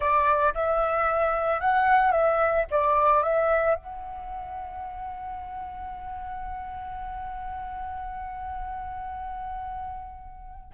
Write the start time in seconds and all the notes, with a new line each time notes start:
0.00 D5
0.54 E5
1.60 F#5
2.11 E5
2.71 D5
3.22 E5
3.75 F#5